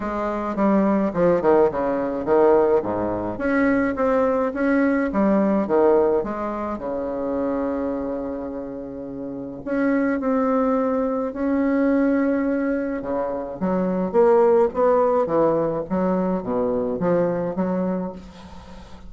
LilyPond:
\new Staff \with { instrumentName = "bassoon" } { \time 4/4 \tempo 4 = 106 gis4 g4 f8 dis8 cis4 | dis4 gis,4 cis'4 c'4 | cis'4 g4 dis4 gis4 | cis1~ |
cis4 cis'4 c'2 | cis'2. cis4 | fis4 ais4 b4 e4 | fis4 b,4 f4 fis4 | }